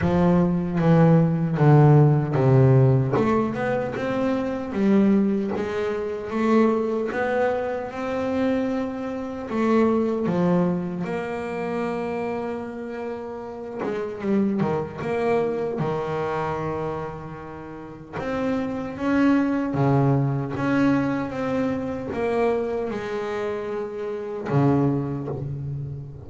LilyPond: \new Staff \with { instrumentName = "double bass" } { \time 4/4 \tempo 4 = 76 f4 e4 d4 c4 | a8 b8 c'4 g4 gis4 | a4 b4 c'2 | a4 f4 ais2~ |
ais4. gis8 g8 dis8 ais4 | dis2. c'4 | cis'4 cis4 cis'4 c'4 | ais4 gis2 cis4 | }